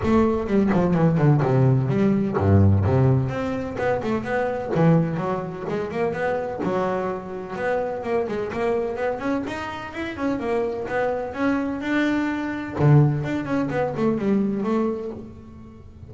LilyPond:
\new Staff \with { instrumentName = "double bass" } { \time 4/4 \tempo 4 = 127 a4 g8 f8 e8 d8 c4 | g4 g,4 c4 c'4 | b8 a8 b4 e4 fis4 | gis8 ais8 b4 fis2 |
b4 ais8 gis8 ais4 b8 cis'8 | dis'4 e'8 cis'8 ais4 b4 | cis'4 d'2 d4 | d'8 cis'8 b8 a8 g4 a4 | }